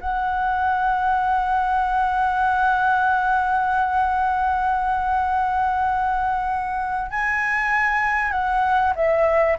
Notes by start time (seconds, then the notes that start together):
0.00 F#5
7.10 G#5
8.31 F#5
8.96 E5